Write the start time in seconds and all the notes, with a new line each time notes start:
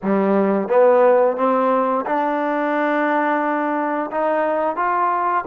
0.02 G3
0.68 B3
1.36 C4
2.05 D4
4.11 D#4
4.76 F4